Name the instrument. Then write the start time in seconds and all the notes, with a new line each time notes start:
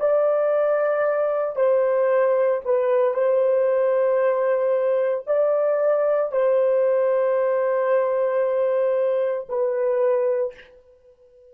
horn
0.00 D5
1.56 C5
2.65 B4
3.14 C5
5.27 D5
6.32 C5
9.49 B4